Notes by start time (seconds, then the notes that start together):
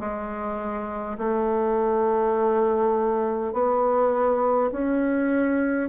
0.00 G#3
1.18 A3
3.53 B3
4.72 C#4